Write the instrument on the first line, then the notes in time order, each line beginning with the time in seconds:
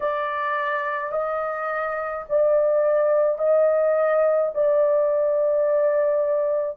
horn
0.00 D5
1.12 D#5
2.29 D5
3.38 D#5
4.54 D5